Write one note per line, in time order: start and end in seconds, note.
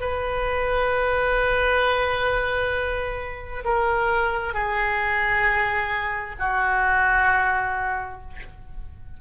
0.00 3.64 B4
3.64 4.53 A#4
4.53 6.35 G#4
6.39 8.21 F#4